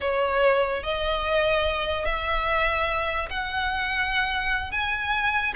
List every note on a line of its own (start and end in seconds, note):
0.01 0.83 C#5
0.83 2.05 D#5
2.05 3.28 E5
3.30 4.71 F#5
4.71 5.53 G#5